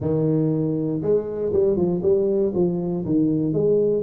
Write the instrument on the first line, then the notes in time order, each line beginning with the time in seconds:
tuba
0.00 D#3
1.02 G#3
1.53 G3
1.76 F3
2.02 G3
2.54 F3
3.05 D#3
3.53 G#3